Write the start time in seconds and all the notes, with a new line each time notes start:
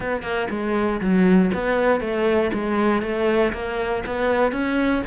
0.00 B3
0.22 A#3
0.50 G#3
1.00 F#3
1.54 B3
2.00 A3
2.53 G#3
3.01 A3
3.52 A#3
4.06 B3
4.52 C#4